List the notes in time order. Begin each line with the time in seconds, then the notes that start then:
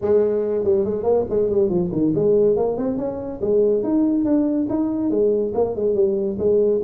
0.01 G#3
0.64 G3
0.85 G#3
1.03 A#3
1.29 G#3
1.50 G3
1.69 F3
1.91 D#3
2.15 G#3
2.56 A#3
2.77 C4
2.97 C#4
3.41 G#3
3.83 D#4
4.24 D4
4.69 D#4
5.10 G#3
5.54 A#3
5.75 G#3
5.95 G3
6.38 G#3